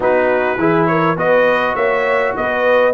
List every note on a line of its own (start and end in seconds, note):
0.00 0.57 B3
0.00 0.58 D#4
0.00 0.59 F#4
0.00 0.86 B4
0.57 1.16 E3
0.57 1.17 E4
0.57 0.88 G#4
0.86 1.16 A#4
0.86 1.16 C#5
1.16 1.75 B3
1.16 2.93 F#4
1.16 1.75 B4
1.16 1.75 D#5
1.75 2.34 A#3
1.75 2.33 C#5
1.75 2.34 E5
2.36 2.94 B3
2.36 2.94 B4
2.36 2.94 D#5